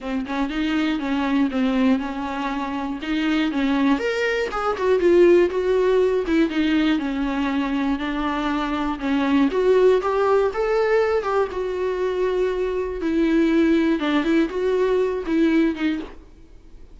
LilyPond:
\new Staff \with { instrumentName = "viola" } { \time 4/4 \tempo 4 = 120 c'8 cis'8 dis'4 cis'4 c'4 | cis'2 dis'4 cis'4 | ais'4 gis'8 fis'8 f'4 fis'4~ | fis'8 e'8 dis'4 cis'2 |
d'2 cis'4 fis'4 | g'4 a'4. g'8 fis'4~ | fis'2 e'2 | d'8 e'8 fis'4. e'4 dis'8 | }